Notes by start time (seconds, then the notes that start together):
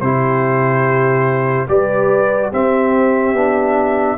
0.00 C3 E4 G4 C5
1.68 G3 G4 B4 D5
2.50 C4 G4 E5
3.33 B3 D4